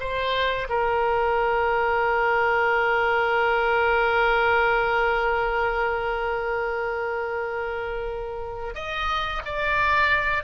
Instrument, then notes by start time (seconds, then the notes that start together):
oboe
0.00 C5
0.69 A#4
8.75 D#5
9.45 D5